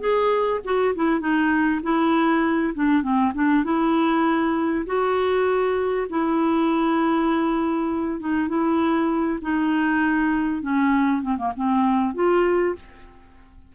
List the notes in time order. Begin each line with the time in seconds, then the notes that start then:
0.00 G#4
0.65 F#4
0.95 E4
1.20 D#4
1.83 E4
2.74 D4
3.02 C4
3.34 D4
3.64 E4
4.86 F#4
6.10 E4
8.20 D#4
8.48 E4
9.42 D#4
10.62 C#4
11.22 C4
11.37 A#3
11.56 C4
12.15 F4